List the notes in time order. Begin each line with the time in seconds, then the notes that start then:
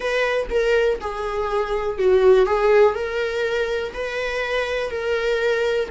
0.00 B4
0.50 A#4
1.01 G#4
1.98 F#4
2.45 G#4
2.94 A#4
3.93 B4
4.90 A#4